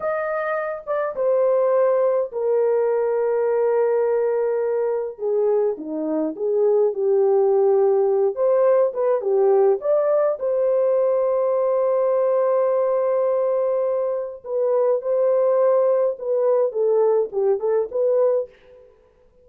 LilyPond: \new Staff \with { instrumentName = "horn" } { \time 4/4 \tempo 4 = 104 dis''4. d''8 c''2 | ais'1~ | ais'4 gis'4 dis'4 gis'4 | g'2~ g'8 c''4 b'8 |
g'4 d''4 c''2~ | c''1~ | c''4 b'4 c''2 | b'4 a'4 g'8 a'8 b'4 | }